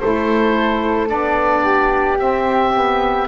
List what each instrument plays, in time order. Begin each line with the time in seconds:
0.00 double bass A3, saxophone E4, flute A4, oboe C5
1.07 double bass B3, saxophone D4, oboe D5
1.64 flute G4
2.18 saxophone C4, double bass C4, oboe E5
2.74 saxophone B3